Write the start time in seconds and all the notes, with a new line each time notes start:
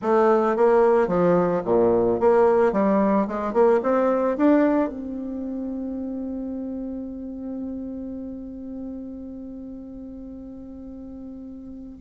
0.01 A3
0.56 A#3
1.07 F3
1.65 A#2
2.19 A#3
2.72 G3
3.27 G#3
3.53 A#3
3.83 C4
4.37 D4
4.89 C4